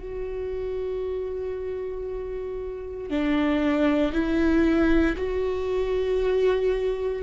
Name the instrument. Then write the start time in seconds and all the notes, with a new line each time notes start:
viola
0.00 F#4
3.10 D4
4.13 E4
5.17 F#4